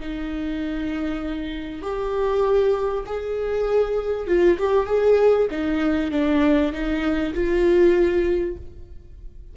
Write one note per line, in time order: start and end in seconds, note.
0.00 1.82 D#4
1.82 3.04 G4
3.06 4.27 G#4
4.27 4.58 F4
4.58 4.86 G4
4.86 5.47 G#4
5.51 6.11 D#4
6.11 6.72 D4
6.72 7.33 D#4
7.34 8.57 F4